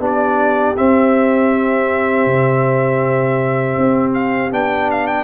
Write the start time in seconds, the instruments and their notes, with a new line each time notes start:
0.00 tuba B3, trombone D4, horn G4, trumpet D5
0.77 trombone C4, tuba C4, trumpet E5
2.26 tuba C3
3.78 tuba C4
4.14 trumpet F5
4.52 tuba B3, trombone D4, trumpet G5
4.91 trumpet F5
5.08 trumpet G5